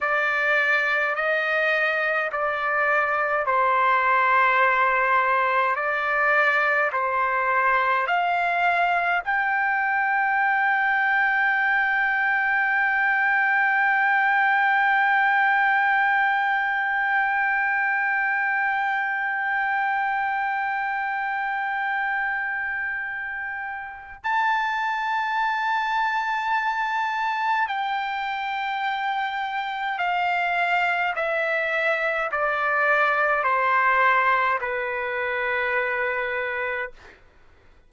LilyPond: \new Staff \with { instrumentName = "trumpet" } { \time 4/4 \tempo 4 = 52 d''4 dis''4 d''4 c''4~ | c''4 d''4 c''4 f''4 | g''1~ | g''1~ |
g''1~ | g''4 a''2. | g''2 f''4 e''4 | d''4 c''4 b'2 | }